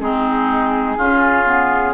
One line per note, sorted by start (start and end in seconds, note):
0.00 0.97 G#3
0.00 0.98 C4
0.00 0.97 D#4
0.00 1.93 G#4
0.97 1.93 C#3
0.97 1.46 C#4
0.97 1.93 F4
1.46 1.93 B3